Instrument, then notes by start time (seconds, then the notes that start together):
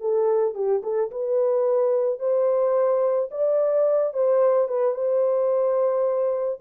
horn
0.00 A4
0.54 G4
0.83 A4
1.11 B4
2.19 C5
3.31 D5
4.13 C5
4.68 B4
4.94 C5